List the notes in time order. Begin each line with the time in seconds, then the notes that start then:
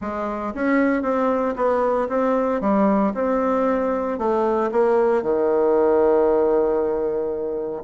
0.01 G#3
0.54 C#4
1.02 C4
1.56 B3
2.08 C4
2.61 G3
3.14 C4
4.18 A3
4.71 A#3
5.22 D#3